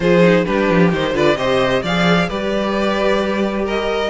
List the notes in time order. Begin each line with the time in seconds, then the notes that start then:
0.00 F3 F4 G#4 C5
0.21 D#4
0.45 G3 D4 G4 B4
0.69 F3
0.92 D#3 D#4 C5
1.13 D3 F4 B4 D5
1.35 C3 G4 C5 D#5
1.82 F3 G#4 D5 F5
2.28 G3 G4 B4 D5
3.64 A#4 D#5